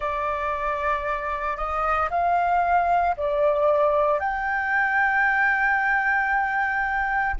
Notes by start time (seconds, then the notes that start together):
0.00 D5
1.56 D#5
2.10 F5
3.16 D5
4.19 G5